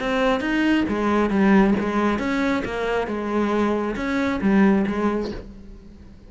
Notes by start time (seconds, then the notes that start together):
0.00 C4
0.40 D#4
0.89 G#3
1.30 G3
1.79 G#3
2.19 C#4
2.65 A#3
3.07 G#3
3.96 C#4
4.41 G3
4.87 G#3